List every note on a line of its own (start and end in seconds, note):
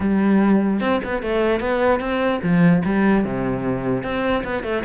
0.00 0.80 G3
0.80 1.00 C4
1.04 1.22 B3
1.22 1.60 A3
1.60 2.00 B3
2.00 2.40 C4
2.42 2.83 F3
2.85 3.24 G3
3.24 4.03 C3
4.03 4.43 C4
4.44 4.63 B3
4.63 4.83 A3